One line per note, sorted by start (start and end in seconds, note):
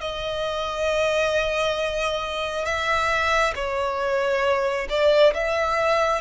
0.00 2.65 D#5
2.65 3.53 E5
3.55 4.87 C#5
4.89 5.33 D5
5.33 6.21 E5